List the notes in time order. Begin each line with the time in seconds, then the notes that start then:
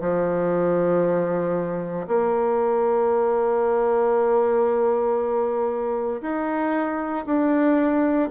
0.00 F3
2.07 A#3
6.21 D#4
7.26 D4